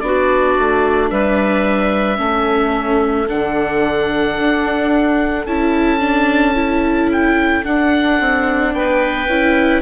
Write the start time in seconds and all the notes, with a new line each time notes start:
0.00 B3 D4 F#4 D5
0.58 A3
1.10 G3 B4 E5
2.17 A3 C#4 A4
3.29 D3 D4 F#5
4.39 D4
5.46 C#4 E4 A5
6.00 D4
6.55 E4
7.13 G5
7.64 D4 F#5
8.20 C4
8.74 B3 B4 G5
9.27 C#4 E4